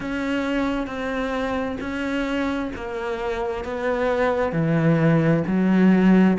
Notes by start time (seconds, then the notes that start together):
0.00 C#4
0.86 C4
1.80 C#4
2.75 A#3
3.64 B3
4.52 E3
5.47 F#3